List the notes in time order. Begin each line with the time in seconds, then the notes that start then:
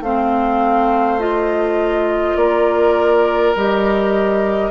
0.00 A3 C4 C5 F5
1.19 F4 D#5
2.36 A#3 A#4 D5
3.55 G3 G4 D#5